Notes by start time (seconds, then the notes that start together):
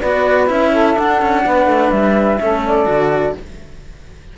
0.00 B3 F#4 B4 D5
0.47 C#4 E4 E5
0.72 A4
0.95 D4 F#5
1.22 C#4
1.46 B3 B4
1.66 A3
1.91 G3 E5
2.40 A3 C#4 A4
2.66 D5
2.85 D3 F#4